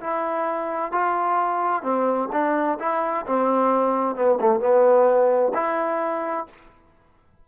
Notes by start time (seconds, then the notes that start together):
0.00 E4
0.92 F4
1.83 C4
2.32 D4
2.79 E4
3.26 C4
4.15 B3
4.41 A3
4.60 B3
5.54 E4